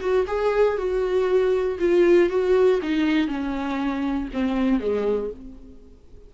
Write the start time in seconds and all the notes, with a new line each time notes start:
0.00 F#4
0.27 G#4
0.77 F#4
1.79 F4
2.29 F#4
2.82 D#4
3.27 C#4
4.33 C4
4.80 G#3